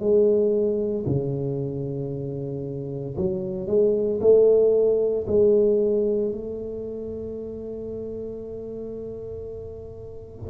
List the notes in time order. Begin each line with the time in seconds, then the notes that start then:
0.00 G#3
1.06 C#3
3.18 F#3
3.67 G#3
4.21 A3
5.28 G#3
6.33 A3